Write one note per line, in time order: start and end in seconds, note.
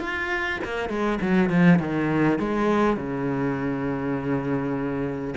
0.00 0.59 F4
0.64 0.89 A#3
0.89 1.19 G#3
1.21 1.50 F#3
1.50 1.79 F3
1.79 2.38 D#3
2.39 2.97 G#3
2.97 5.34 C#3